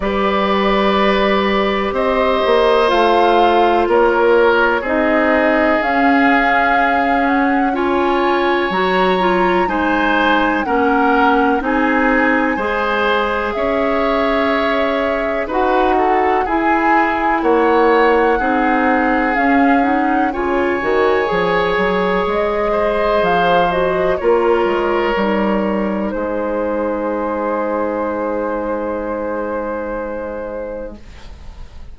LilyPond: <<
  \new Staff \with { instrumentName = "flute" } { \time 4/4 \tempo 4 = 62 d''2 dis''4 f''4 | cis''4 dis''4 f''4. fis''8 | gis''4 ais''4 gis''4 fis''4 | gis''2 e''2 |
fis''4 gis''4 fis''2 | f''8 fis''8 gis''2 dis''4 | f''8 dis''8 cis''2 c''4~ | c''1 | }
  \new Staff \with { instrumentName = "oboe" } { \time 4/4 b'2 c''2 | ais'4 gis'2. | cis''2 c''4 ais'4 | gis'4 c''4 cis''2 |
b'8 a'8 gis'4 cis''4 gis'4~ | gis'4 cis''2~ cis''8 c''8~ | c''4 ais'2 gis'4~ | gis'1 | }
  \new Staff \with { instrumentName = "clarinet" } { \time 4/4 g'2. f'4~ | f'4 dis'4 cis'2 | f'4 fis'8 f'8 dis'4 cis'4 | dis'4 gis'2. |
fis'4 e'2 dis'4 | cis'8 dis'8 f'8 fis'8 gis'2~ | gis'8 fis'8 f'4 dis'2~ | dis'1 | }
  \new Staff \with { instrumentName = "bassoon" } { \time 4/4 g2 c'8 ais8 a4 | ais4 c'4 cis'2~ | cis'4 fis4 gis4 ais4 | c'4 gis4 cis'2 |
dis'4 e'4 ais4 c'4 | cis'4 cis8 dis8 f8 fis8 gis4 | f4 ais8 gis8 g4 gis4~ | gis1 | }
>>